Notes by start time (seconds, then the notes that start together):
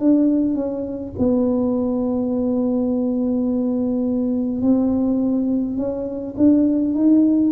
0.00 D4
0.55 C#4
1.19 B3
4.63 C4
5.77 C#4
6.38 D4
6.95 D#4